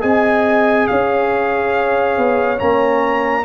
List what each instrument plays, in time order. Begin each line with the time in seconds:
0.00 tuba C4, trombone G#4, horn D#5, trumpet G#5
0.88 tuba C#4, horn C#5, trumpet F5
2.18 tuba B3
2.58 tuba A#3, trombone C#4, trumpet A#5